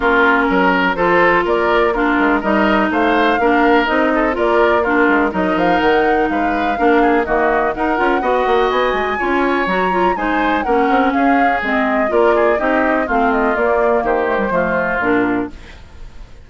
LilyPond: <<
  \new Staff \with { instrumentName = "flute" } { \time 4/4 \tempo 4 = 124 ais'2 c''4 d''4 | ais'4 dis''4 f''2 | dis''4 d''4 ais'4 dis''8 f''8 | fis''4 f''2 dis''4 |
fis''2 gis''2 | ais''4 gis''4 fis''4 f''4 | dis''4 d''4 dis''4 f''8 dis''8 | d''4 c''2 ais'4 | }
  \new Staff \with { instrumentName = "oboe" } { \time 4/4 f'4 ais'4 a'4 ais'4 | f'4 ais'4 c''4 ais'4~ | ais'8 a'8 ais'4 f'4 ais'4~ | ais'4 b'4 ais'8 gis'8 fis'4 |
ais'4 dis''2 cis''4~ | cis''4 c''4 ais'4 gis'4~ | gis'4 ais'8 gis'8 g'4 f'4~ | f'4 g'4 f'2 | }
  \new Staff \with { instrumentName = "clarinet" } { \time 4/4 cis'2 f'2 | d'4 dis'2 d'4 | dis'4 f'4 d'4 dis'4~ | dis'2 d'4 ais4 |
dis'8 f'8 fis'2 f'4 | fis'8 f'8 dis'4 cis'2 | c'4 f'4 dis'4 c'4 | ais4. a16 g16 a4 d'4 | }
  \new Staff \with { instrumentName = "bassoon" } { \time 4/4 ais4 fis4 f4 ais4~ | ais8 gis8 g4 a4 ais4 | c'4 ais4. gis8 fis8 f8 | dis4 gis4 ais4 dis4 |
dis'8 cis'8 b8 ais8 b8 gis8 cis'4 | fis4 gis4 ais8 c'8 cis'4 | gis4 ais4 c'4 a4 | ais4 dis4 f4 ais,4 | }
>>